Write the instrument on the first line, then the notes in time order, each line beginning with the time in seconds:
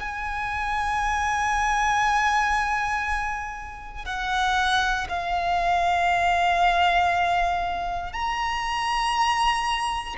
violin
0.00 G#5
4.06 F#5
5.09 F5
8.13 A#5